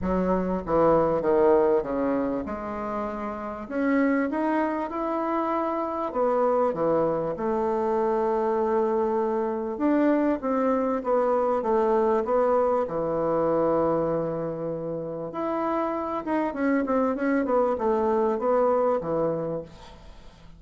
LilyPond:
\new Staff \with { instrumentName = "bassoon" } { \time 4/4 \tempo 4 = 98 fis4 e4 dis4 cis4 | gis2 cis'4 dis'4 | e'2 b4 e4 | a1 |
d'4 c'4 b4 a4 | b4 e2.~ | e4 e'4. dis'8 cis'8 c'8 | cis'8 b8 a4 b4 e4 | }